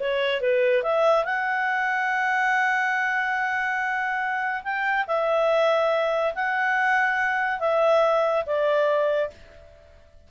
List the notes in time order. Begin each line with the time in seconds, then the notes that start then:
0.00 C#5
0.41 B4
0.83 E5
1.25 F#5
4.64 G5
5.08 E5
6.35 F#5
7.60 E5
8.46 D5